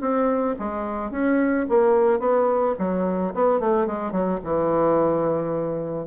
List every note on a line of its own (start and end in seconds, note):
0.00 0.55 C4
0.59 1.11 G#3
1.11 1.66 C#4
1.69 2.19 A#3
2.19 2.74 B3
2.78 3.33 F#3
3.34 3.60 B3
3.60 3.86 A3
3.86 4.11 G#3
4.11 4.39 F#3
4.44 6.06 E3